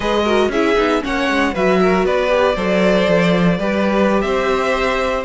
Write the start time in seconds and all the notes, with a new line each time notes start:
0.00 G#3 G#4 B4 D#5
0.23 F#4 A#4
0.48 C#4 E4 G#4 E5
0.76 B3 D#4
1.01 A#3 C#4 C#5 F#5
1.29 G#3
1.53 F#3 F#4 B4 E5
1.81 A#4
2.04 B3 B4 D5
2.29 G4
2.55 F#3 A4 C5
3.08 F3
3.58 G3 G4 B4
4.21 C4 C5 E5